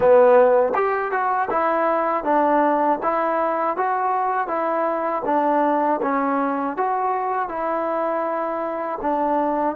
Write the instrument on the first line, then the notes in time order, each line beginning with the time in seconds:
trombone
0.00 B3
0.74 G4
1.11 F#4
1.50 E4
2.24 D4
3.02 E4
3.76 F#4
4.47 E4
5.25 D4
6.01 C#4
6.76 F#4
7.49 E4
9.01 D4